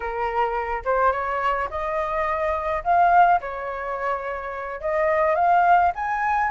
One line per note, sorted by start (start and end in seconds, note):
0.00 0.83 A#4
0.85 1.12 C5
1.12 1.68 C#5
1.70 2.83 D#5
2.84 3.40 F5
3.40 4.81 C#5
4.81 5.35 D#5
5.35 5.92 F5
5.95 6.51 G#5